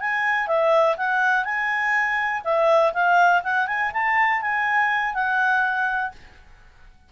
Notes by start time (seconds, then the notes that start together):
0.00 G#5
0.47 E5
0.97 F#5
1.44 G#5
2.44 E5
2.93 F5
3.43 F#5
3.67 G#5
3.93 A5
4.41 G#5
5.14 F#5